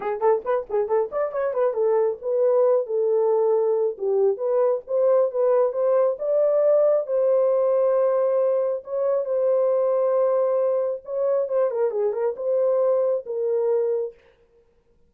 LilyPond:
\new Staff \with { instrumentName = "horn" } { \time 4/4 \tempo 4 = 136 gis'8 a'8 b'8 gis'8 a'8 d''8 cis''8 b'8 | a'4 b'4. a'4.~ | a'4 g'4 b'4 c''4 | b'4 c''4 d''2 |
c''1 | cis''4 c''2.~ | c''4 cis''4 c''8 ais'8 gis'8 ais'8 | c''2 ais'2 | }